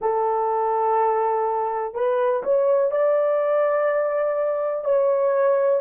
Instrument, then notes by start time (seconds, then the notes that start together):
horn
0.00 A4
1.94 B4
2.43 C#5
2.91 D5
4.84 C#5